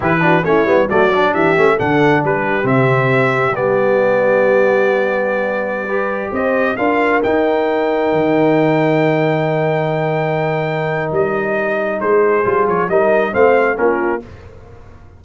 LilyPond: <<
  \new Staff \with { instrumentName = "trumpet" } { \time 4/4 \tempo 4 = 135 b'4 cis''4 d''4 e''4 | fis''4 b'4 e''2 | d''1~ | d''2~ d''16 dis''4 f''8.~ |
f''16 g''2.~ g''8.~ | g''1~ | g''4 dis''2 c''4~ | c''8 cis''8 dis''4 f''4 ais'4 | }
  \new Staff \with { instrumentName = "horn" } { \time 4/4 g'8 fis'8 e'4 fis'4 g'4 | a'4 g'2.~ | g'1~ | g'4~ g'16 b'4 c''4 ais'8.~ |
ais'1~ | ais'1~ | ais'2. gis'4~ | gis'4 ais'4 c''4 f'4 | }
  \new Staff \with { instrumentName = "trombone" } { \time 4/4 e'8 d'8 cis'8 b8 a8 d'4 cis'8 | d'2 c'2 | b1~ | b4~ b16 g'2 f'8.~ |
f'16 dis'2.~ dis'8.~ | dis'1~ | dis'1 | f'4 dis'4 c'4 cis'4 | }
  \new Staff \with { instrumentName = "tuba" } { \time 4/4 e4 a8 g8 fis4 e8 a8 | d4 g4 c2 | g1~ | g2~ g16 c'4 d'8.~ |
d'16 dis'2 dis4.~ dis16~ | dis1~ | dis4 g2 gis4 | g8 f8 g4 a4 ais4 | }
>>